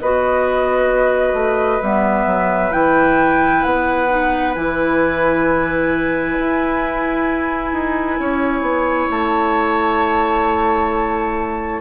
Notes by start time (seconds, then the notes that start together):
0.00 B3 F#4 B4 D#5
1.33 A3
1.82 G3 B3 E5
2.26 F#3
2.71 E3 E4 G5
3.63 B3 F#5
4.08 D#4
4.55 E3 E4 G#5
6.39 E4
7.73 D#4
8.19 C#4 C#5
8.61 B3
9.10 A3 A5